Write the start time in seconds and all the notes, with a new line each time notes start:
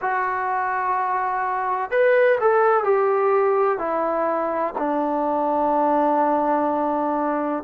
0.01 F#4
1.90 B4
2.40 A4
2.84 G4
3.78 E4
4.78 D4